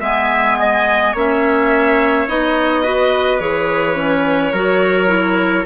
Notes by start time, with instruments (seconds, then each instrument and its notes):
0.00 bassoon G#3, clarinet B3, trumpet E5, violin G#5
0.59 trumpet D#5
1.13 bassoon A#3, clarinet C#4, trumpet C#5, violin E5
2.28 bassoon B3, clarinet D#4, violin D#5
2.83 clarinet F#4, trumpet B4
3.39 bassoon E3, clarinet G#4, violin C#5
3.96 clarinet C#4
4.52 bassoon F#3, clarinet F#4, trumpet A#4
5.07 clarinet E4